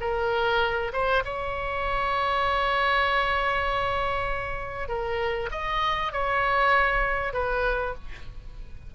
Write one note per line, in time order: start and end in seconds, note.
0.00 0.92 A#4
0.93 1.23 C5
1.25 4.88 C#5
4.88 5.50 A#4
5.51 6.12 D#5
6.12 7.33 C#5
7.33 7.94 B4